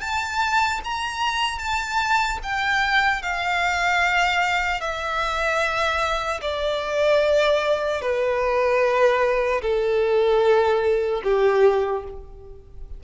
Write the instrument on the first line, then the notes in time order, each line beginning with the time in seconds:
violin
0.00 A5
0.84 A#5
1.59 A5
2.43 G5
3.22 F5
4.80 E5
6.41 D5
8.01 B4
9.61 A4
11.23 G4